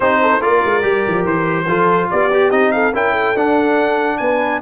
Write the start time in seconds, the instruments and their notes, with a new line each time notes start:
0.00 tuba C4, trombone D#4, horn G4, trumpet C5
0.22 horn A4
0.40 tuba A#3, trombone F4, horn A#4, trumpet D5
0.65 tuba G#3
0.81 tuba G3, trombone G4
1.07 tuba F3
1.24 tuba E3, trumpet C5
1.66 tuba F3, trombone F4, horn A4
2.10 tuba B3, horn G4, trumpet D5
2.32 trombone G4
2.50 tuba C4, trombone D#4, trumpet D#5
2.71 horn A4, trumpet F5
2.93 tuba C#4, trombone E4, horn A#4, trumpet G5
3.12 horn A4
3.35 tuba D4, trombone D4, trumpet F#5
4.17 tuba B3, horn B4, trumpet G#5